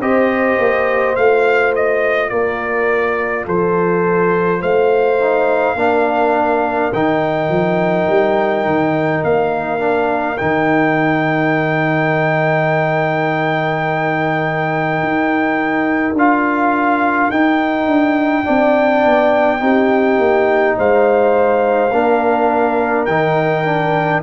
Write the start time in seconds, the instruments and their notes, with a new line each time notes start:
0.00 tuba C4, trombone G4, horn C5, trumpet D#5
0.58 tuba A#3
1.16 tuba A3, trombone F4, trumpet F5
1.75 trumpet D#5
2.29 tuba A#3, horn A#4, trumpet D5
3.45 tuba F3, horn A4, trumpet C5
4.61 tuba A3, horn C5, trumpet F5
5.20 trombone D#4
5.75 tuba A#3, trombone D4, horn A#4
6.93 tuba D#3, trombone D#4, trumpet G5
7.49 tuba F3
8.09 tuba G3
8.65 tuba D#3
9.24 tuba A#3, trumpet F5
9.79 trombone D4
10.37 tuba D#3, trombone D#4, trumpet G5
15.03 tuba D#4
16.13 tuba D4, trombone F4, trumpet F5
17.30 tuba D#4, trombone D#4, trumpet G5
17.86 tuba D4
18.44 tuba C4, trombone D4, horn D5
19.05 tuba B3
19.59 tuba C4, trombone D#4, horn G4
20.19 tuba A#3
20.78 tuba G#3, horn C5, trumpet F5
21.92 tuba A#3, trombone D4, horn A#4
23.06 tuba D#3, trombone D#4, trumpet G5
23.65 trombone D4